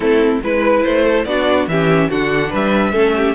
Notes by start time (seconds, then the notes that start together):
0.00 A3 C4 E4 A4
0.43 G#3 E4 B4
0.83 A3 C5
1.04 A4
1.24 B3 D4 F#4 D5
1.67 E3 C#4 G4 E5
2.09 D3 D4 F#4 F#5
2.49 G3 B4 E5
2.91 A3 C#4 A4
3.16 G4